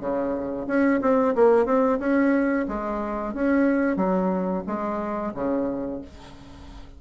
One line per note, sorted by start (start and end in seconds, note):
0.00 0.67 C#3
0.67 1.01 C#4
1.02 1.35 C4
1.35 1.66 A#3
1.66 1.99 C4
2.00 2.66 C#4
2.68 3.35 G#3
3.35 3.97 C#4
3.97 4.63 F#3
4.67 5.34 G#3
5.35 6.02 C#3